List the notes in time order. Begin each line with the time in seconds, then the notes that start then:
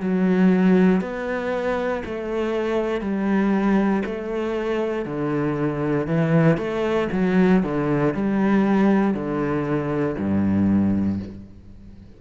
0.00 F#3
1.01 B3
2.05 A3
3.01 G3
4.06 A3
5.05 D3
6.07 E3
6.57 A3
7.12 F#3
7.63 D3
8.14 G3
9.14 D3
10.18 G2